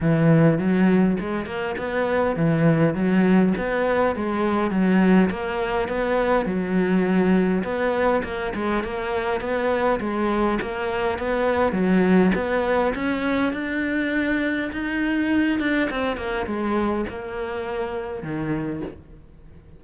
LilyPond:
\new Staff \with { instrumentName = "cello" } { \time 4/4 \tempo 4 = 102 e4 fis4 gis8 ais8 b4 | e4 fis4 b4 gis4 | fis4 ais4 b4 fis4~ | fis4 b4 ais8 gis8 ais4 |
b4 gis4 ais4 b4 | fis4 b4 cis'4 d'4~ | d'4 dis'4. d'8 c'8 ais8 | gis4 ais2 dis4 | }